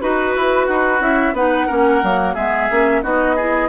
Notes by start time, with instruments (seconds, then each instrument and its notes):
0.00 bassoon D#4, clarinet F#4, flute B4, oboe B4
0.36 bassoon E4
0.67 bassoon D#4, oboe F#4
1.00 bassoon C#4, clarinet E4, flute E5
1.33 bassoon B3, clarinet D#4, oboe B4, flute F#5
1.67 bassoon A#3, clarinet C#4, oboe A#4
2.03 bassoon F#3, clarinet A#3
2.34 bassoon G#3, clarinet B3, oboe G#4, flute E5
2.71 bassoon A#3, clarinet C#4
3.03 bassoon B3, clarinet D#4, oboe F#4, flute D#5
3.36 clarinet E4, oboe G#4